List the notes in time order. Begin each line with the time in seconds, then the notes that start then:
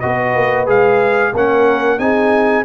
0.00 B3 F#4 B4 D#5
0.35 A#3
0.66 G#3 G#4 F5
1.34 A#3 C#4 A#4 F#5
1.99 C4 D#4 G#4 G#5